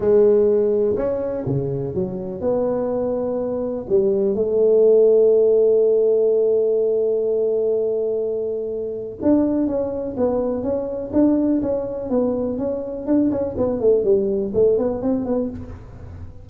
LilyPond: \new Staff \with { instrumentName = "tuba" } { \time 4/4 \tempo 4 = 124 gis2 cis'4 cis4 | fis4 b2. | g4 a2.~ | a1~ |
a2. d'4 | cis'4 b4 cis'4 d'4 | cis'4 b4 cis'4 d'8 cis'8 | b8 a8 g4 a8 b8 c'8 b8 | }